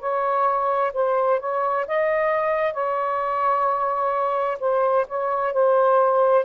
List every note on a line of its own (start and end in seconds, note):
0.00 0.92 C#5
0.94 1.40 C5
1.40 1.86 C#5
1.88 2.74 D#5
2.74 4.58 C#5
4.60 5.06 C5
5.08 5.53 C#5
5.53 6.45 C5